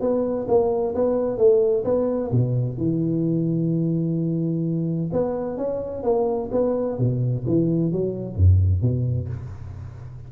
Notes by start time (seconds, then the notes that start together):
0.00 B3
0.48 A#3
0.94 B3
1.37 A3
1.84 B3
2.31 B2
2.77 E3
5.12 B3
5.57 C#4
6.03 A#3
6.51 B3
6.98 B2
7.46 E3
7.92 F#3
8.35 F#2
8.81 B2